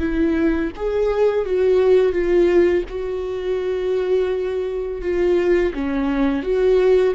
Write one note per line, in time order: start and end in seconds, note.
0.00 0.71 E4
0.77 1.46 G#4
1.46 2.13 F#4
2.13 2.84 F4
2.89 5.02 F#4
5.02 5.73 F4
5.74 6.43 C#4
6.43 7.15 F#4